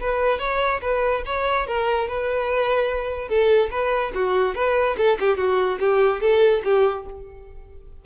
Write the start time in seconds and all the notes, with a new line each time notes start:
0.00 B4
0.39 C#5
0.81 B4
1.26 C#5
1.67 A#4
2.08 B4
3.28 A4
3.71 B4
4.14 F#4
4.55 B4
4.97 A4
5.20 G4
5.37 F#4
5.79 G4
6.21 A4
6.64 G4